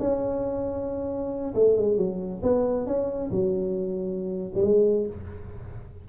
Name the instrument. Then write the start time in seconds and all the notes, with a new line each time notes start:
tuba
0.00 C#4
1.55 A3
1.77 G#3
1.98 F#3
2.43 B3
2.87 C#4
3.31 F#3
4.55 G3
4.63 G#3